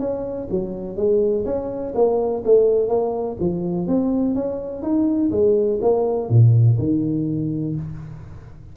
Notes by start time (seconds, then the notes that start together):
0.00 C#4
0.51 F#3
0.97 G#3
1.46 C#4
1.95 A#3
2.45 A3
2.89 A#3
3.40 F3
3.88 C4
4.35 C#4
4.83 D#4
5.32 G#3
5.82 A#3
6.30 A#2
6.79 D#3